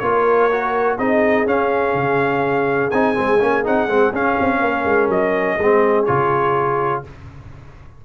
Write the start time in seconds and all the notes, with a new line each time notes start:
0.00 A#3 F4 A#4 C#5
0.52 F#4
0.98 C4 D#4 G#4 D#5
1.47 C#4 F5
1.95 C#3
2.91 C4 D#4 G#5
3.15 G#3 C4
3.40 A#3 C#4
3.65 C4 D#4 F#5
3.88 G#3 C4
4.13 C#4 F5
4.41 C4
4.61 A#3 A#4
4.85 G#3
5.09 F#3 D#5
5.58 G#3 C4 G#4
6.05 C#3 F4 C#5